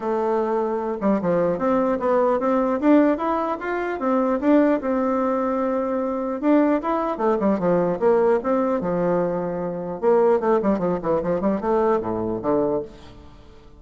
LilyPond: \new Staff \with { instrumentName = "bassoon" } { \time 4/4 \tempo 4 = 150 a2~ a8 g8 f4 | c'4 b4 c'4 d'4 | e'4 f'4 c'4 d'4 | c'1 |
d'4 e'4 a8 g8 f4 | ais4 c'4 f2~ | f4 ais4 a8 g8 f8 e8 | f8 g8 a4 a,4 d4 | }